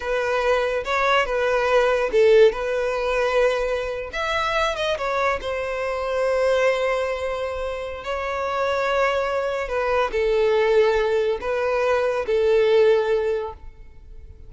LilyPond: \new Staff \with { instrumentName = "violin" } { \time 4/4 \tempo 4 = 142 b'2 cis''4 b'4~ | b'4 a'4 b'2~ | b'4.~ b'16 e''4. dis''8 cis''16~ | cis''8. c''2.~ c''16~ |
c''2. cis''4~ | cis''2. b'4 | a'2. b'4~ | b'4 a'2. | }